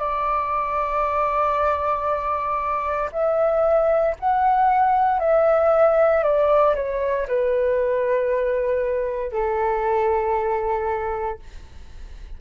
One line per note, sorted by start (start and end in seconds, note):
0.00 3.10 D5
3.12 4.16 E5
4.20 5.20 F#5
5.20 6.24 E5
6.24 6.75 D5
6.76 7.27 C#5
7.28 9.32 B4
9.32 11.39 A4